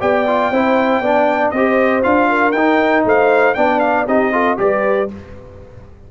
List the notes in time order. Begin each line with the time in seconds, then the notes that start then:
0.00 B3 G4 D5 G5
0.27 F4
0.51 C4 E4 C5
1.00 B3 D4 D5
1.51 C4 G4 C5 D#5
2.02 D4 F4 F5
2.28 A#4
2.51 D#4 G5
3.05 A3 C5 F5
3.54 B3 D4 D5 G5
3.79 F5
4.06 C4 D#4 G4 D#5
4.32 F4 A4
4.57 G3 G4 B4 D5